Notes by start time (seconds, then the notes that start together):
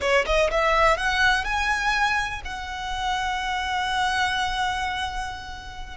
0.00 C#5
0.25 D#5
0.51 E5
0.97 F#5
1.44 G#5
2.45 F#5